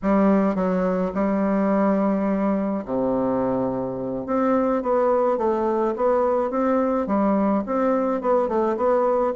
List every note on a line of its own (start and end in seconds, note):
0.02 0.55 G3
0.55 1.11 F#3
1.14 2.84 G3
2.85 4.26 C3
4.26 4.82 C4
4.82 5.37 B3
5.37 5.94 A3
5.96 6.50 B3
6.50 7.07 C4
7.07 7.63 G3
7.65 8.21 C4
8.21 8.48 B3
8.48 8.76 A3
8.76 9.33 B3